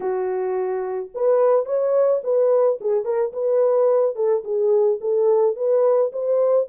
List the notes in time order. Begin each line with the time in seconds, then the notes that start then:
0.00 F#4
1.14 B4
1.65 C#5
2.23 B4
2.80 G#4
3.04 A#4
3.32 B4
4.15 A4
4.44 G#4
5.01 A4
5.56 B4
6.12 C5